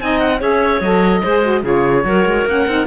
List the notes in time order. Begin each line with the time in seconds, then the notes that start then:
0.00 C4 D#4 D#5 G#5
0.20 F#5
0.39 C#4 G#4 C#5 E5
0.80 F#3 A4 D#5
1.23 G#3 G#4 C5
1.43 F#4
1.62 C#3 F4 G#4 C#5
2.04 F#3 F#4 A#4
2.25 G#3
2.45 A#3 C#4 F#5
2.67 C4 D#4